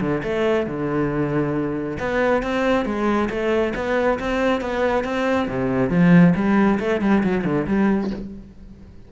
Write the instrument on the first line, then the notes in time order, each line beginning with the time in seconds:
cello
0.00 D3
0.23 A3
0.66 D3
1.99 B3
2.42 C4
2.85 G#3
3.29 A3
3.75 B3
4.19 C4
4.60 B3
5.04 C4
5.48 C3
5.89 F3
6.35 G3
6.79 A3
7.01 G3
7.23 F#3
7.44 D3
7.67 G3